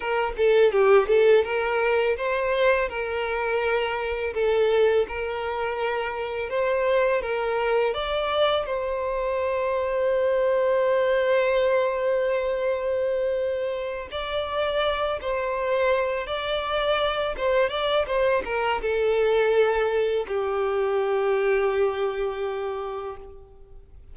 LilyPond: \new Staff \with { instrumentName = "violin" } { \time 4/4 \tempo 4 = 83 ais'8 a'8 g'8 a'8 ais'4 c''4 | ais'2 a'4 ais'4~ | ais'4 c''4 ais'4 d''4 | c''1~ |
c''2.~ c''8 d''8~ | d''4 c''4. d''4. | c''8 d''8 c''8 ais'8 a'2 | g'1 | }